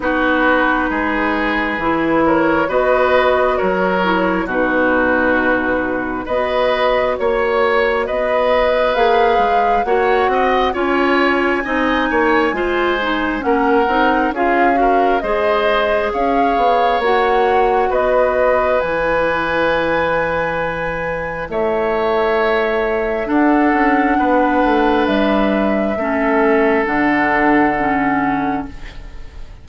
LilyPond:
<<
  \new Staff \with { instrumentName = "flute" } { \time 4/4 \tempo 4 = 67 b'2~ b'8 cis''8 dis''4 | cis''4 b'2 dis''4 | cis''4 dis''4 f''4 fis''4 | gis''2. fis''4 |
f''4 dis''4 f''4 fis''4 | dis''4 gis''2. | e''2 fis''2 | e''2 fis''2 | }
  \new Staff \with { instrumentName = "oboe" } { \time 4/4 fis'4 gis'4. ais'8 b'4 | ais'4 fis'2 b'4 | cis''4 b'2 cis''8 dis''8 | cis''4 dis''8 cis''8 c''4 ais'4 |
gis'8 ais'8 c''4 cis''2 | b'1 | cis''2 a'4 b'4~ | b'4 a'2. | }
  \new Staff \with { instrumentName = "clarinet" } { \time 4/4 dis'2 e'4 fis'4~ | fis'8 e'8 dis'2 fis'4~ | fis'2 gis'4 fis'4 | f'4 dis'4 f'8 dis'8 cis'8 dis'8 |
f'8 fis'8 gis'2 fis'4~ | fis'4 e'2.~ | e'2 d'2~ | d'4 cis'4 d'4 cis'4 | }
  \new Staff \with { instrumentName = "bassoon" } { \time 4/4 b4 gis4 e4 b4 | fis4 b,2 b4 | ais4 b4 ais8 gis8 ais8 c'8 | cis'4 c'8 ais8 gis4 ais8 c'8 |
cis'4 gis4 cis'8 b8 ais4 | b4 e2. | a2 d'8 cis'8 b8 a8 | g4 a4 d2 | }
>>